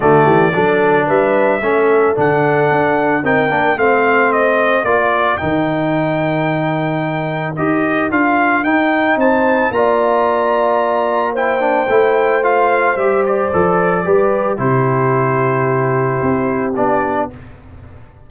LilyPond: <<
  \new Staff \with { instrumentName = "trumpet" } { \time 4/4 \tempo 4 = 111 d''2 e''2 | fis''2 g''4 f''4 | dis''4 d''4 g''2~ | g''2 dis''4 f''4 |
g''4 a''4 ais''2~ | ais''4 g''2 f''4 | e''8 d''2~ d''8 c''4~ | c''2. d''4 | }
  \new Staff \with { instrumentName = "horn" } { \time 4/4 fis'8 g'8 a'4 b'4 a'4~ | a'2 ais'4 c''4~ | c''4 ais'2.~ | ais'1~ |
ais'4 c''4 d''2~ | d''4 c''2.~ | c''2 b'4 g'4~ | g'1 | }
  \new Staff \with { instrumentName = "trombone" } { \time 4/4 a4 d'2 cis'4 | d'2 dis'8 d'8 c'4~ | c'4 f'4 dis'2~ | dis'2 g'4 f'4 |
dis'2 f'2~ | f'4 e'8 d'8 e'4 f'4 | g'4 a'4 g'4 e'4~ | e'2. d'4 | }
  \new Staff \with { instrumentName = "tuba" } { \time 4/4 d8 e8 fis4 g4 a4 | d4 d'4 c'8 ais8 a4~ | a4 ais4 dis2~ | dis2 dis'4 d'4 |
dis'4 c'4 ais2~ | ais2 a2 | g4 f4 g4 c4~ | c2 c'4 b4 | }
>>